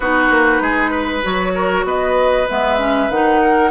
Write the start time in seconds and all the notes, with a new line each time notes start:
0.00 B3 D#4 F#4 B4
0.30 A#3
0.60 G#3 G#4
0.90 B4
1.22 F#3 F#4 C#5
1.54 A#4
1.84 B3 B4 D#5
2.49 G#3 B3 E5
2.78 C#4
3.09 D#3 D#4 F#5
3.41 A#4